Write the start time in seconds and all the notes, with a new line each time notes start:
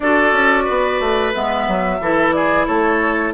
0.00 D4 F#4 A4 D5
0.32 C#4
0.64 B3 B4
1.00 A3
1.33 G#3 B3 E5
1.67 F#3
2.00 E3 E4 A4
2.32 G#4 D5
2.66 A3 A4 C#5